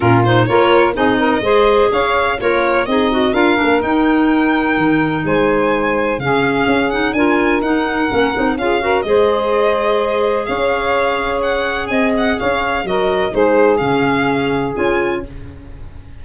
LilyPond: <<
  \new Staff \with { instrumentName = "violin" } { \time 4/4 \tempo 4 = 126 ais'8 c''8 cis''4 dis''2 | f''4 cis''4 dis''4 f''4 | g''2. gis''4~ | gis''4 f''4. fis''8 gis''4 |
fis''2 f''4 dis''4~ | dis''2 f''2 | fis''4 gis''8 fis''8 f''4 dis''4 | c''4 f''2 gis''4 | }
  \new Staff \with { instrumentName = "saxophone" } { \time 4/4 f'4 ais'4 gis'8 ais'8 c''4 | cis''4 f'4 dis'4 ais'4~ | ais'2. c''4~ | c''4 gis'2 ais'4~ |
ais'2 gis'8 ais'8 c''4~ | c''2 cis''2~ | cis''4 dis''4 cis''4 ais'4 | gis'1 | }
  \new Staff \with { instrumentName = "clarinet" } { \time 4/4 cis'8 dis'8 f'4 dis'4 gis'4~ | gis'4 ais'4 gis'8 fis'8 f'8 d'8 | dis'1~ | dis'4 cis'4. dis'8 f'4 |
dis'4 cis'8 dis'8 f'8 fis'8 gis'4~ | gis'1~ | gis'2. fis'4 | dis'4 cis'2 f'4 | }
  \new Staff \with { instrumentName = "tuba" } { \time 4/4 ais,4 ais4 c'4 gis4 | cis'4 ais4 c'4 d'8 ais8 | dis'2 dis4 gis4~ | gis4 cis4 cis'4 d'4 |
dis'4 ais8 c'8 cis'4 gis4~ | gis2 cis'2~ | cis'4 c'4 cis'4 fis4 | gis4 cis2 cis'4 | }
>>